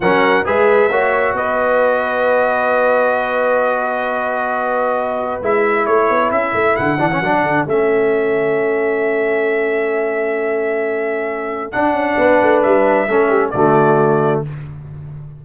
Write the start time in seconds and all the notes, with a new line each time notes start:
0.00 F#3 C#4 A#4 F#5
0.44 G#3 G#4 B4 E5
0.90 A#3 F#4 C#5
1.33 B3 B4 D#5
5.41 G#3 E4 E5
5.85 A3 A4 C#5
6.09 B3
6.31 C#4 E5
6.54 A3
6.76 D3 F#5
6.98 E3 D4
7.11 C#4
7.20 F#3 D4
7.43 D3
7.66 A3 C#4 E5
11.71 D4 F#5
11.92 C#4
12.17 B3 B4
12.42 A3
12.62 G3 E5
13.07 A3 C#4 A4
13.29 G4
13.50 D3 A3 F#4 D5